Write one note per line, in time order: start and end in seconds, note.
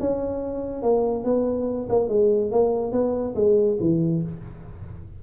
0.00 0.82 C#4
0.82 1.24 A#3
1.24 1.88 B3
1.89 2.09 A#3
2.09 2.51 G#3
2.51 2.92 A#3
2.92 3.35 B3
3.35 3.78 G#3
3.80 4.23 E3